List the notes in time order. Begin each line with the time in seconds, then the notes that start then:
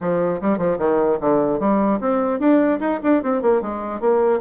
0.00 F3
0.41 G3
0.58 F3
0.78 D#3
1.20 D3
1.59 G3
2.00 C4
2.39 D4
2.79 D#4
3.03 D4
3.23 C4
3.42 A#3
3.61 G#3
4.00 A#3